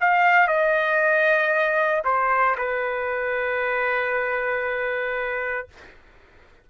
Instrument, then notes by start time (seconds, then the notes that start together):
trumpet
0.00 F5
0.47 D#5
2.05 C5
2.57 B4